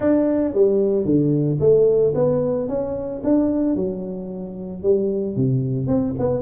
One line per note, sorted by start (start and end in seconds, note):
0.00 0.54 D4
0.54 1.05 G3
1.05 1.59 D3
1.59 2.13 A3
2.14 2.68 B3
2.68 3.21 C#4
3.23 3.75 D4
3.75 4.82 F#3
4.82 5.35 G3
5.35 5.87 C3
5.87 6.14 C4
6.19 6.42 B3